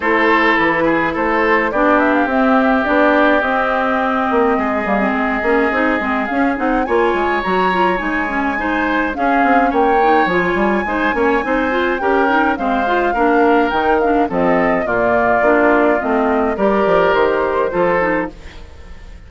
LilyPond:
<<
  \new Staff \with { instrumentName = "flute" } { \time 4/4 \tempo 4 = 105 c''4 b'4 c''4 d''8 e''16 f''16 | e''4 d''4 dis''2~ | dis''2. f''8 fis''8 | gis''4 ais''4 gis''2 |
f''4 g''4 gis''2~ | gis''4 g''4 f''2 | g''8 f''8 dis''4 d''2 | dis''4 d''4 c''2 | }
  \new Staff \with { instrumentName = "oboe" } { \time 4/4 a'4. gis'8 a'4 g'4~ | g'1 | gis'1 | cis''2. c''4 |
gis'4 cis''2 c''8 cis''8 | c''4 ais'4 c''4 ais'4~ | ais'4 a'4 f'2~ | f'4 ais'2 a'4 | }
  \new Staff \with { instrumentName = "clarinet" } { \time 4/4 e'2. d'4 | c'4 d'4 c'2~ | c'8 ais16 c'8. cis'8 dis'8 c'8 cis'8 dis'8 | f'4 fis'8 f'8 dis'8 cis'8 dis'4 |
cis'4. dis'8 f'4 dis'8 cis'8 | dis'8 f'8 g'8 dis'8 c'8 f'8 d'4 | dis'8 d'8 c'4 ais4 d'4 | c'4 g'2 f'8 dis'8 | }
  \new Staff \with { instrumentName = "bassoon" } { \time 4/4 a4 e4 a4 b4 | c'4 b4 c'4. ais8 | gis8 g8 gis8 ais8 c'8 gis8 cis'8 c'8 | ais8 gis8 fis4 gis2 |
cis'8 c'8 ais4 f8 g8 gis8 ais8 | c'4 cis'4 gis4 ais4 | dis4 f4 ais,4 ais4 | a4 g8 f8 dis4 f4 | }
>>